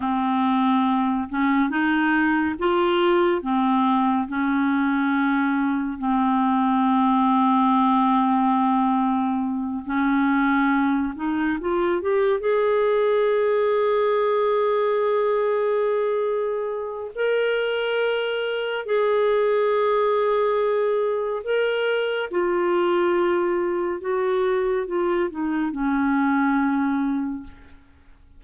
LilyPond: \new Staff \with { instrumentName = "clarinet" } { \time 4/4 \tempo 4 = 70 c'4. cis'8 dis'4 f'4 | c'4 cis'2 c'4~ | c'2.~ c'8 cis'8~ | cis'4 dis'8 f'8 g'8 gis'4.~ |
gis'1 | ais'2 gis'2~ | gis'4 ais'4 f'2 | fis'4 f'8 dis'8 cis'2 | }